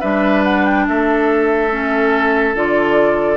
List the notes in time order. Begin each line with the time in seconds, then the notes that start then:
0.00 G3 D4 B4 E5
0.44 F#5
0.65 G5
0.87 A3 A4 E5
1.71 C#4
2.55 D3 F4 D5